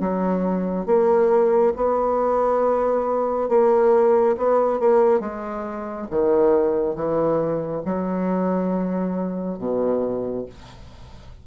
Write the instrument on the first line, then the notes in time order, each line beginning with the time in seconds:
bassoon
0.00 F#3
0.86 A#3
1.76 B3
3.49 A#3
4.37 B3
4.80 A#3
5.20 G#3
6.11 D#3
6.95 E3
7.85 F#3
9.58 B2